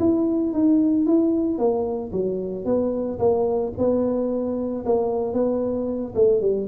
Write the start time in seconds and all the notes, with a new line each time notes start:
0.00 E4
0.53 D#4
1.06 E4
1.59 A#3
2.13 F#3
2.65 B3
3.19 A#3
3.78 B3
4.86 A#3
5.34 B3
6.16 A3
6.42 G3